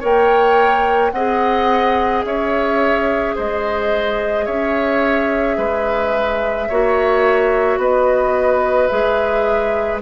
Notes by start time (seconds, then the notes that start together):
0.00 A#3 A#4 C#5 G5
1.12 C4 G#4 D#5 F#5
2.24 C#4 C#5 E5
3.35 G#3 C5 D#5
4.45 C#4 C#5 E5
5.57 G#3 B4
6.69 A#3 F#4 C#5
7.78 B3 B4 D#5
8.87 G#3 G#4 E5